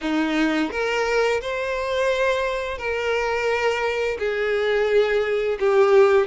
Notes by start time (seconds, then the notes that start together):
0.01 D#4
0.71 A#4
1.41 C5
2.77 A#4
4.18 G#4
5.59 G4